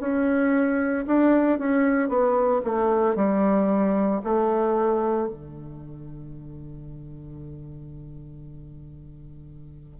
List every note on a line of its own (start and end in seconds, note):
0.00 1.05 C#4
1.07 1.59 D4
1.59 2.09 C#4
2.09 2.61 B3
2.64 3.16 A3
3.16 4.21 G3
4.24 5.28 A3
5.28 10.00 D3